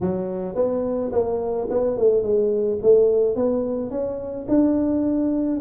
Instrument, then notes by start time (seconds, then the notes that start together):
tuba
0.01 F#3
0.55 B3
1.11 A#3
1.70 B3
1.97 A3
2.22 G#3
2.82 A3
3.35 B3
3.90 C#4
4.48 D4